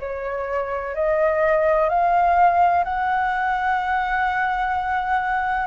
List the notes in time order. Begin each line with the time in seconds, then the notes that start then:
0.00 C#5
0.95 D#5
1.89 F5
2.84 F#5